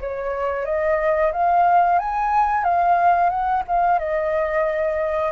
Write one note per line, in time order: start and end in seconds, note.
0.00 0.65 C#5
0.65 1.32 D#5
1.32 1.98 F5
1.98 2.64 G#5
2.64 3.29 F5
3.29 3.63 F#5
3.67 3.99 F5
3.99 5.32 D#5